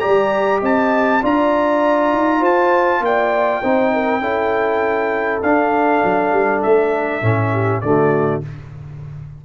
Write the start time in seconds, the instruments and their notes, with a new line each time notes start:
0.00 tuba G3, trombone G4, horn D5, trumpet A#5
0.61 tuba C4, horn D#5, trumpet A5
1.22 tuba D4, trombone F4, horn D5, trumpet A#5
2.13 tuba D#4
2.41 tuba F4, horn C5, trumpet A5
3.01 tuba A#3, horn D5, trumpet G5
3.62 tuba C4, trombone D#4, horn C5
3.94 horn A#4
4.21 tuba C#4, trombone E4, horn A4
5.43 tuba D4, trombone D4, trumpet F5
6.05 tuba F#3
6.32 tuba G3
6.63 tuba A3, trumpet E5
7.23 tuba A2, trombone C#4
7.53 horn G4
7.81 tuba D3, trombone A3, horn F#4, trumpet D5